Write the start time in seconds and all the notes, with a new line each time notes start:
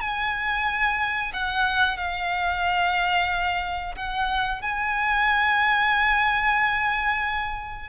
0.00 G#5
1.33 F#5
1.97 F5
3.95 F#5
4.62 G#5